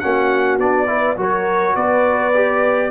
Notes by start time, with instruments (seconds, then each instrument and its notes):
0.00 tuba A#3, trombone C#4, horn F#4, trumpet F#5
0.58 tuba B3, trombone D4, trumpet D5
0.87 trombone E4, horn B4
1.17 tuba F#3, trombone F#4, horn A#4, trumpet C#5
1.75 tuba B3, horn B4, trumpet D5
2.34 trombone G4